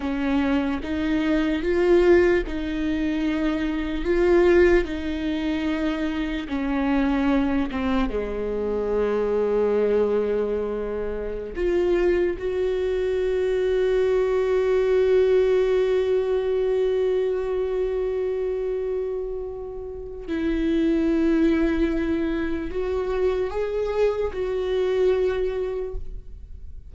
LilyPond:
\new Staff \with { instrumentName = "viola" } { \time 4/4 \tempo 4 = 74 cis'4 dis'4 f'4 dis'4~ | dis'4 f'4 dis'2 | cis'4. c'8 gis2~ | gis2~ gis16 f'4 fis'8.~ |
fis'1~ | fis'1~ | fis'4 e'2. | fis'4 gis'4 fis'2 | }